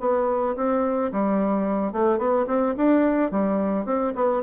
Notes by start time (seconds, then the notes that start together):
0.00 B3
0.56 C4
1.12 G3
1.92 A3
2.18 B3
2.47 C4
2.77 D4
3.31 G3
3.85 C4
4.15 B3